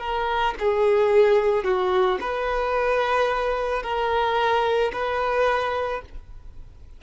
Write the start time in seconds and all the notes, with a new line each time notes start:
0.00 A#4
0.59 G#4
1.64 F#4
2.21 B4
3.83 A#4
4.93 B4